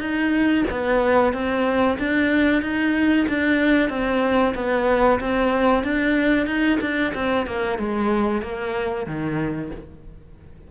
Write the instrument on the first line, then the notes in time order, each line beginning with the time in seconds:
cello
0.00 D#4
0.71 B3
1.33 C4
1.99 D4
2.62 D#4
3.29 D4
3.89 C4
4.55 B3
5.20 C4
5.84 D4
6.47 D#4
6.81 D4
7.14 C4
7.47 A#3
7.79 G#3
8.42 A#3
9.06 D#3